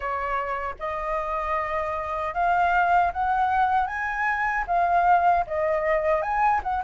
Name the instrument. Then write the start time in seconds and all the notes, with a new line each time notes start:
flute
0.00 C#5
0.79 D#5
2.34 F5
3.12 F#5
3.86 G#5
4.67 F5
5.47 D#5
6.21 G#5
6.63 F#5